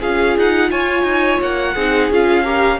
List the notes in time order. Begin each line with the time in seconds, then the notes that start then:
0.00 C#4 F4 G#4 F5
0.38 D#4 F#5
0.71 F4 C#5 G#5
1.03 D#4
1.41 A#3 F#5
1.75 C4 D#4 G#4
2.11 C#4 F4 F5
2.44 G4 A#4